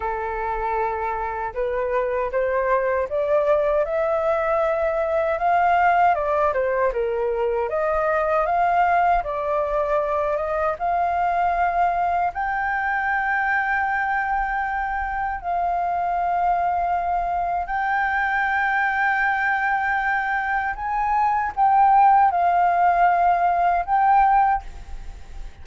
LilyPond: \new Staff \with { instrumentName = "flute" } { \time 4/4 \tempo 4 = 78 a'2 b'4 c''4 | d''4 e''2 f''4 | d''8 c''8 ais'4 dis''4 f''4 | d''4. dis''8 f''2 |
g''1 | f''2. g''4~ | g''2. gis''4 | g''4 f''2 g''4 | }